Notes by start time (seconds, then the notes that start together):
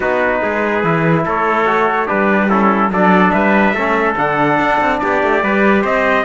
0.00 B3 D#4 F#4 B4
0.41 G#3 G#4
0.83 E3 E4
1.24 A3 A4 C#5
1.65 F#4
2.06 G3 D4 G4 B4
2.49 C#4 E4 A4
2.89 F#3 D4 A4 D5
3.31 G3 B4 E5
3.73 A3 C#4 A4
4.17 D3 D4 F#5
4.59 D4
4.80 C4
4.99 B3 G4 D5
5.23 A3
5.43 G3 G4 B4
5.82 C4 C5 D#5